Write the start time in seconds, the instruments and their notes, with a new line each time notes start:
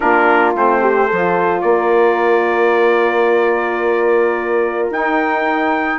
0.00 bassoon A#3, saxophone D4, horn F4, trumpet A#4
0.54 bassoon A3, saxophone C4, trumpet C5
0.80 horn G4
1.07 bassoon F3, saxophone F4, horn A4
1.61 bassoon A#3, horn A#4, trumpet D5
4.89 bassoon D#4, saxophone D#4, trumpet G5